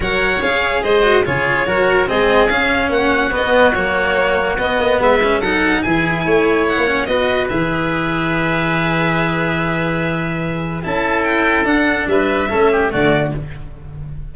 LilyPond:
<<
  \new Staff \with { instrumentName = "violin" } { \time 4/4 \tempo 4 = 144 fis''4 f''4 dis''4 cis''4~ | cis''4 dis''4 f''4 fis''4 | dis''4 cis''2 dis''4 | e''4 fis''4 gis''2 |
fis''4 dis''4 e''2~ | e''1~ | e''2 a''4 g''4 | fis''4 e''2 d''4 | }
  \new Staff \with { instrumentName = "oboe" } { \time 4/4 cis''2 c''4 gis'4 | ais'4 gis'2 fis'4~ | fis'1 | b'4 a'4 gis'4 cis''4~ |
cis''4 b'2.~ | b'1~ | b'2 a'2~ | a'4 b'4 a'8 g'8 fis'4 | }
  \new Staff \with { instrumentName = "cello" } { \time 4/4 ais'4 gis'4. fis'8 f'4 | fis'4 c'4 cis'2 | b4 ais2 b4~ | b8 cis'8 dis'4 e'2~ |
e'8 cis'8 fis'4 gis'2~ | gis'1~ | gis'2 e'2 | d'2 cis'4 a4 | }
  \new Staff \with { instrumentName = "tuba" } { \time 4/4 fis4 cis'4 gis4 cis4 | fis4 gis4 cis'4 ais4 | b4 fis2 b8 ais8 | gis4 fis4 e4 a4~ |
a16 ais8. b4 e2~ | e1~ | e2 cis'2 | d'4 g4 a4 d4 | }
>>